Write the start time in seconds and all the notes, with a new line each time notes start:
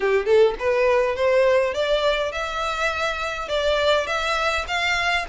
0.00 G4
0.25 A4
0.59 B4
1.15 C5
1.73 D5
2.31 E5
3.48 D5
4.06 E5
4.67 F5